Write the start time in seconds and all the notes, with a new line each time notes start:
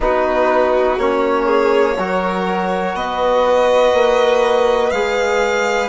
0.00 B3 D#4 F#4 B4
0.98 A#3 C#4 C#5
1.45 G#4
1.97 F#3 F#4 A#4
2.93 B3 B4 D#5
3.93 A#3
4.90 G#3 G#4 F5